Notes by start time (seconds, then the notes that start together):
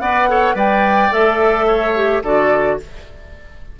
0.00 B3 B4 D5 F#5
0.29 A4 C#5
0.54 G3 B4 D5 G5
1.12 A3 A4 E5
1.68 C#5
1.96 G4
2.23 D3 F#4 A4 D5